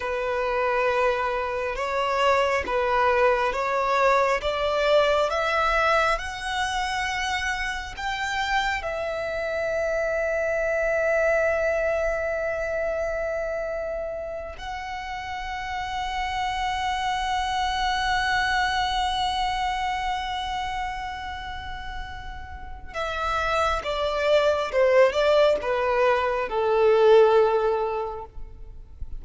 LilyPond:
\new Staff \with { instrumentName = "violin" } { \time 4/4 \tempo 4 = 68 b'2 cis''4 b'4 | cis''4 d''4 e''4 fis''4~ | fis''4 g''4 e''2~ | e''1~ |
e''8 fis''2.~ fis''8~ | fis''1~ | fis''2 e''4 d''4 | c''8 d''8 b'4 a'2 | }